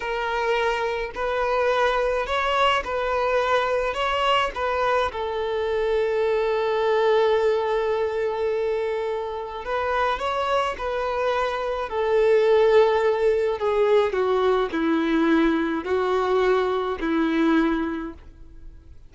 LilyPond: \new Staff \with { instrumentName = "violin" } { \time 4/4 \tempo 4 = 106 ais'2 b'2 | cis''4 b'2 cis''4 | b'4 a'2.~ | a'1~ |
a'4 b'4 cis''4 b'4~ | b'4 a'2. | gis'4 fis'4 e'2 | fis'2 e'2 | }